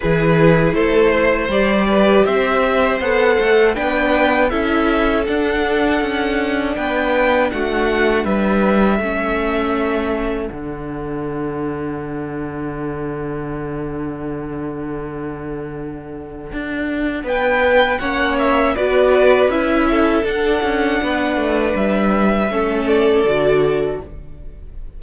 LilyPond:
<<
  \new Staff \with { instrumentName = "violin" } { \time 4/4 \tempo 4 = 80 b'4 c''4 d''4 e''4 | fis''4 g''4 e''4 fis''4~ | fis''4 g''4 fis''4 e''4~ | e''2 fis''2~ |
fis''1~ | fis''2. g''4 | fis''8 e''8 d''4 e''4 fis''4~ | fis''4 e''4. d''4. | }
  \new Staff \with { instrumentName = "violin" } { \time 4/4 gis'4 a'8 c''4 b'8 c''4~ | c''4 b'4 a'2~ | a'4 b'4 fis'4 b'4 | a'1~ |
a'1~ | a'2. b'4 | cis''4 b'4. a'4. | b'2 a'2 | }
  \new Staff \with { instrumentName = "viola" } { \time 4/4 e'2 g'2 | a'4 d'4 e'4 d'4~ | d'1 | cis'2 d'2~ |
d'1~ | d'1 | cis'4 fis'4 e'4 d'4~ | d'2 cis'4 fis'4 | }
  \new Staff \with { instrumentName = "cello" } { \time 4/4 e4 a4 g4 c'4 | b8 a8 b4 cis'4 d'4 | cis'4 b4 a4 g4 | a2 d2~ |
d1~ | d2 d'4 b4 | ais4 b4 cis'4 d'8 cis'8 | b8 a8 g4 a4 d4 | }
>>